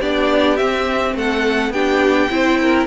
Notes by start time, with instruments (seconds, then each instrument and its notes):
0.00 cello B3, viola D4, violin G4 D5
0.57 viola C4, cello C4, violin E5
1.14 cello A3, violin A4 F#5
1.70 cello B3, viola D4, violin G4 G5
2.30 cello C4, viola E4, violin C5
2.61 violin A#4